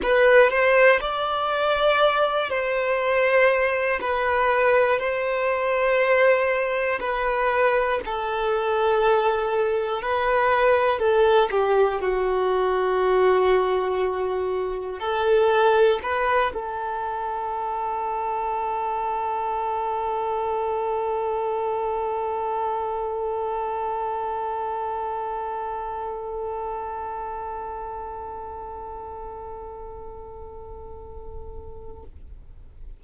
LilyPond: \new Staff \with { instrumentName = "violin" } { \time 4/4 \tempo 4 = 60 b'8 c''8 d''4. c''4. | b'4 c''2 b'4 | a'2 b'4 a'8 g'8 | fis'2. a'4 |
b'8 a'2.~ a'8~ | a'1~ | a'1~ | a'1 | }